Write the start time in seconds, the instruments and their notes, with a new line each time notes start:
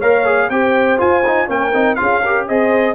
0.00 tuba A#3, trombone A#4, horn C#5, trumpet F5
0.25 trombone G#4
0.50 tuba C4, trombone G4, horn C5, trumpet G5
0.98 trombone F4, tuba F4, trumpet G#5
1.27 trombone D#4
1.47 tuba A#3, trombone C#4, horn A#4, trumpet G5
1.74 tuba C4, trombone D#4
1.95 tuba C#4, trombone F4, horn G#4, trumpet F5
2.21 trombone G4, horn A#4
2.48 tuba C4, trombone G#4, horn C5, trumpet D#5